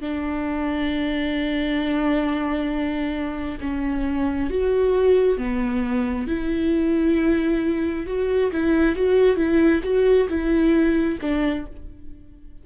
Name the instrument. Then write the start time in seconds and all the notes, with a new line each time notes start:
viola
0.00 D4
3.60 C#4
4.50 F#4
5.37 B3
6.27 E4
8.06 F#4
8.52 E4
8.95 F#4
9.36 E4
9.83 F#4
10.29 E4
11.21 D4